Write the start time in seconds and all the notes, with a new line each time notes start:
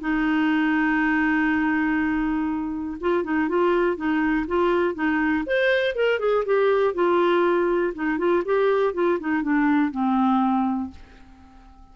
0.00 D#4
3.00 F4
3.24 D#4
3.49 F4
3.96 D#4
4.47 F4
4.95 D#4
5.46 C5
5.95 A#4
6.19 G#4
6.45 G4
6.94 F4
7.95 D#4
8.18 F4
8.45 G4
8.94 F4
9.20 D#4
9.42 D4
9.92 C4